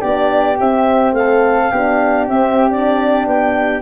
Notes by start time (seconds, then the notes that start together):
0.00 B3 D4 G4 D5
0.59 C4 E5
1.12 A3 A4 F5
1.71 B3 D4 G4
2.27 C4 E5
2.69 D4 D5
3.26 B3 G5